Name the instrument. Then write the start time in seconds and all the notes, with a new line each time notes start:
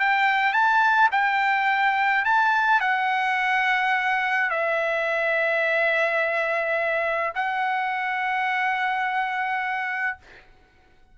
trumpet
0.00 G5
0.53 A5
1.12 G5
2.25 A5
2.81 F#5
4.51 E5
7.35 F#5